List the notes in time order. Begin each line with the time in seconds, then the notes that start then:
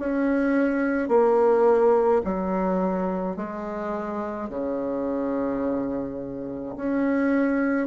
0.00 C#4
1.09 A#3
2.25 F#3
3.37 G#3
4.50 C#3
6.77 C#4